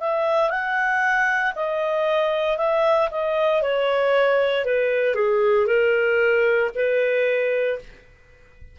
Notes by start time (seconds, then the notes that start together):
0.00 E5
0.49 F#5
1.55 D#5
2.57 E5
3.10 D#5
3.62 C#5
4.65 B4
5.14 G#4
5.66 A#4
6.75 B4